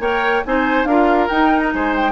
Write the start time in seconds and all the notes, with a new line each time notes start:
0.00 A#3 A#4 C#5 G5
0.45 C4 D#4 C5 G#5
0.85 D4 F4 A#4 F5
1.29 D#4 G5
1.60 A#5
1.74 G#3 C5 G#5
1.96 G5